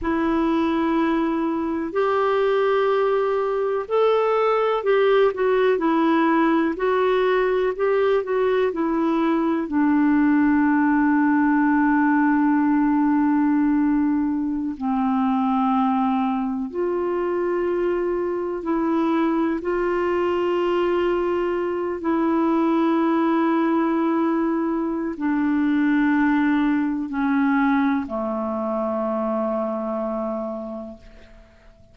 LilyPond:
\new Staff \with { instrumentName = "clarinet" } { \time 4/4 \tempo 4 = 62 e'2 g'2 | a'4 g'8 fis'8 e'4 fis'4 | g'8 fis'8 e'4 d'2~ | d'2.~ d'16 c'8.~ |
c'4~ c'16 f'2 e'8.~ | e'16 f'2~ f'8 e'4~ e'16~ | e'2 d'2 | cis'4 a2. | }